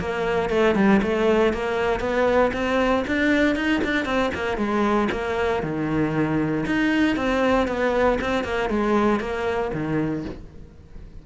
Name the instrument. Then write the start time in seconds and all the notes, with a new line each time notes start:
cello
0.00 A#3
0.50 A3
0.76 G3
1.03 A3
1.53 A#3
2.00 B3
2.53 C4
3.07 D4
3.55 D#4
3.84 D4
4.05 C4
4.35 A#3
4.57 G#3
5.12 A#3
5.63 D#3
6.66 D#4
7.16 C4
7.68 B3
8.21 C4
8.44 A#3
8.70 G#3
9.20 A#3
9.74 D#3